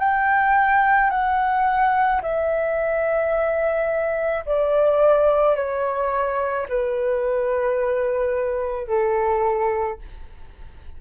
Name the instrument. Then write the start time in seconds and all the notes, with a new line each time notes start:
flute
0.00 G5
1.11 F#5
2.23 E5
4.46 D5
5.56 C#5
6.70 B4
8.88 A4